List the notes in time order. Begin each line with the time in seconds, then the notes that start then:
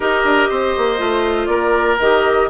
0.00 D#4 G4 A#4 D#5
0.24 D4
0.49 C4 C5
0.77 A#3
0.97 A3 F4
1.46 A#3 A#4 D5
1.99 D#3 G4 D#5